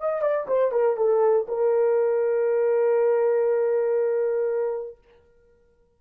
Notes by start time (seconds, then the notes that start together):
0.00 D#5
0.21 D5
0.47 C5
0.71 A#4
0.97 A4
1.48 A#4